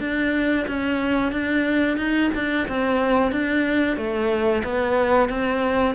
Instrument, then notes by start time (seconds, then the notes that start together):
cello
0.00 D4
0.67 C#4
1.32 D4
1.97 D#4
2.34 D4
2.68 C4
3.31 D4
3.97 A3
4.63 B3
5.29 C4